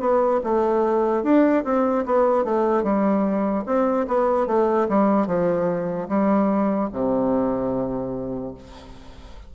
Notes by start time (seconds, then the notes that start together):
0.00 B3
0.44 A3
1.23 D4
1.64 C4
2.06 B3
2.45 A3
2.83 G3
3.66 C4
4.08 B3
4.47 A3
4.89 G3
5.27 F3
6.08 G3
6.93 C3